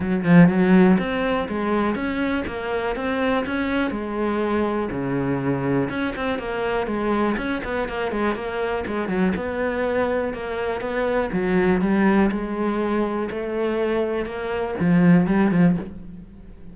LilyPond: \new Staff \with { instrumentName = "cello" } { \time 4/4 \tempo 4 = 122 fis8 f8 fis4 c'4 gis4 | cis'4 ais4 c'4 cis'4 | gis2 cis2 | cis'8 c'8 ais4 gis4 cis'8 b8 |
ais8 gis8 ais4 gis8 fis8 b4~ | b4 ais4 b4 fis4 | g4 gis2 a4~ | a4 ais4 f4 g8 f8 | }